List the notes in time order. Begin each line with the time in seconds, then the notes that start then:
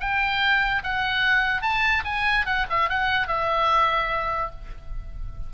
0.00 G5
0.83 F#5
1.62 A5
2.04 G#5
2.45 F#5
2.70 E5
2.89 F#5
3.27 E5